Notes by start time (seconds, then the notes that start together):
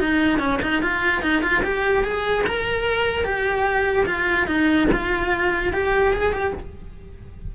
0.00 D#4
0.40 C#4
0.63 D#4
0.83 F4
1.22 D#4
1.43 F4
1.64 G4
2.04 G#4
2.47 A#4
3.25 G4
4.07 F4
4.48 D#4
4.93 F4
5.73 G4
6.14 G#4
6.33 G4